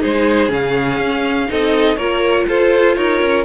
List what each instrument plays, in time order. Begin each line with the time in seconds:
0.00 cello G#3, viola D#4, violin G#4 C5
0.48 cello C#3, viola C#4, violin F5
0.98 cello C#4
1.48 cello C4, viola D#4, violin A4 D#5
1.96 cello A#3, viola F4, violin A#4 C#5
2.47 cello F4, violin A4 C5
2.95 cello D#4, violin A#4 C#5
3.21 cello C#4